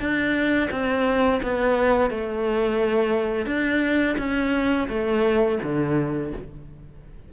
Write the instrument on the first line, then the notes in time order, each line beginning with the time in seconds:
cello
0.00 D4
0.71 C4
1.43 B3
2.11 A3
3.47 D4
4.18 C#4
4.89 A3
5.63 D3